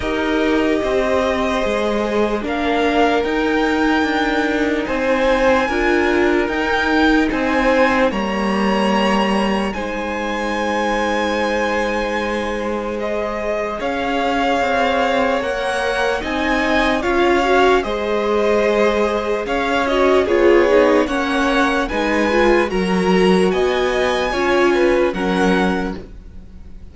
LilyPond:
<<
  \new Staff \with { instrumentName = "violin" } { \time 4/4 \tempo 4 = 74 dis''2. f''4 | g''2 gis''2 | g''4 gis''4 ais''2 | gis''1 |
dis''4 f''2 fis''4 | gis''4 f''4 dis''2 | f''8 dis''8 cis''4 fis''4 gis''4 | ais''4 gis''2 fis''4 | }
  \new Staff \with { instrumentName = "violin" } { \time 4/4 ais'4 c''2 ais'4~ | ais'2 c''4 ais'4~ | ais'4 c''4 cis''2 | c''1~ |
c''4 cis''2. | dis''4 cis''4 c''2 | cis''4 gis'4 cis''4 b'4 | ais'4 dis''4 cis''8 b'8 ais'4 | }
  \new Staff \with { instrumentName = "viola" } { \time 4/4 g'2 gis'4 d'4 | dis'2. f'4 | dis'2 ais2 | dis'1 |
gis'2. ais'4 | dis'4 f'8 fis'8 gis'2~ | gis'8 fis'8 f'8 dis'8 cis'4 dis'8 f'8 | fis'2 f'4 cis'4 | }
  \new Staff \with { instrumentName = "cello" } { \time 4/4 dis'4 c'4 gis4 ais4 | dis'4 d'4 c'4 d'4 | dis'4 c'4 g2 | gis1~ |
gis4 cis'4 c'4 ais4 | c'4 cis'4 gis2 | cis'4 b4 ais4 gis4 | fis4 b4 cis'4 fis4 | }
>>